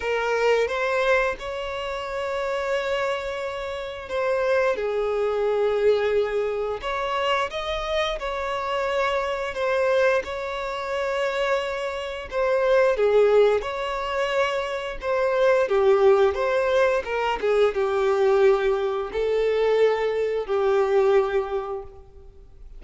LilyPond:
\new Staff \with { instrumentName = "violin" } { \time 4/4 \tempo 4 = 88 ais'4 c''4 cis''2~ | cis''2 c''4 gis'4~ | gis'2 cis''4 dis''4 | cis''2 c''4 cis''4~ |
cis''2 c''4 gis'4 | cis''2 c''4 g'4 | c''4 ais'8 gis'8 g'2 | a'2 g'2 | }